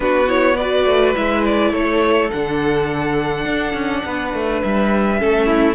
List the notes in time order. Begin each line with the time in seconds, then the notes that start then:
0.00 B3 D4 F#4 B4
0.27 E4 C#5
0.56 F#4 B4 D5
0.85 A3
1.15 G#3 E4 E5
1.45 D5
1.71 A3 A4 C#5
2.30 D3 D4 F#5
3.45 D4
3.73 C#4
4.05 B3 B4
4.33 A3
4.62 G3 E5
5.18 A3 C#4 A4
5.46 E4